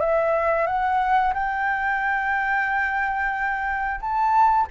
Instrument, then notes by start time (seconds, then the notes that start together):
flute
0.00 E5
0.66 F#5
1.33 G5
4.00 A5